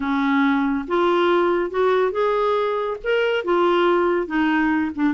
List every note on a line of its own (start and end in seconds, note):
0.00 0.85 C#4
0.87 1.70 F4
1.70 2.11 F#4
2.11 2.97 G#4
3.03 3.44 A#4
3.44 4.26 F4
4.26 4.91 D#4
4.95 5.14 D4